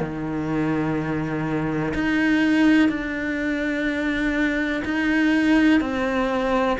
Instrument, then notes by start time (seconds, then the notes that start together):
cello
0.00 D#3
1.94 D#4
2.89 D4
4.84 D#4
5.80 C4